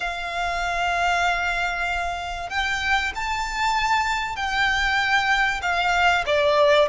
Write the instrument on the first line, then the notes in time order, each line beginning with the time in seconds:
violin
0.00 F5
2.49 G5
3.15 A5
4.36 G5
5.61 F5
6.26 D5